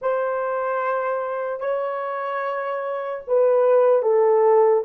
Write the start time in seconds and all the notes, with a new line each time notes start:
0.01 C5
1.60 C#5
3.27 B4
4.02 A4